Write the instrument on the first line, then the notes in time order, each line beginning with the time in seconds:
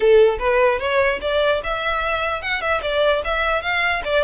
violin
0.00 A4
0.38 B4
0.79 C#5
1.21 D5
1.63 E5
2.41 F#5
2.61 E5
2.82 D5
3.24 E5
3.62 F5
4.04 D5